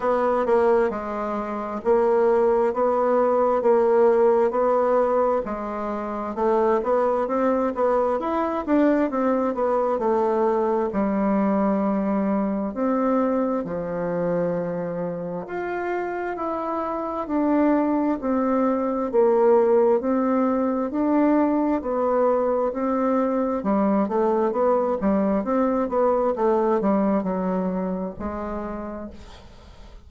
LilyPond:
\new Staff \with { instrumentName = "bassoon" } { \time 4/4 \tempo 4 = 66 b8 ais8 gis4 ais4 b4 | ais4 b4 gis4 a8 b8 | c'8 b8 e'8 d'8 c'8 b8 a4 | g2 c'4 f4~ |
f4 f'4 e'4 d'4 | c'4 ais4 c'4 d'4 | b4 c'4 g8 a8 b8 g8 | c'8 b8 a8 g8 fis4 gis4 | }